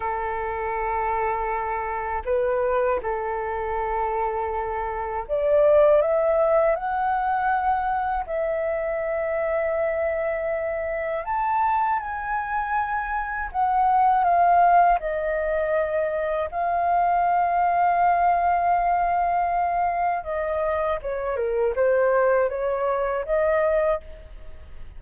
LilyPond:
\new Staff \with { instrumentName = "flute" } { \time 4/4 \tempo 4 = 80 a'2. b'4 | a'2. d''4 | e''4 fis''2 e''4~ | e''2. a''4 |
gis''2 fis''4 f''4 | dis''2 f''2~ | f''2. dis''4 | cis''8 ais'8 c''4 cis''4 dis''4 | }